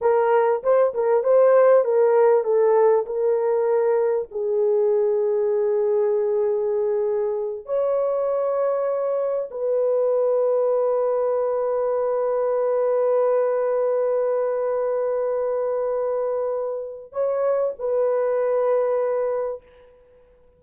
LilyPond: \new Staff \with { instrumentName = "horn" } { \time 4/4 \tempo 4 = 98 ais'4 c''8 ais'8 c''4 ais'4 | a'4 ais'2 gis'4~ | gis'1~ | gis'8 cis''2. b'8~ |
b'1~ | b'1~ | b'1 | cis''4 b'2. | }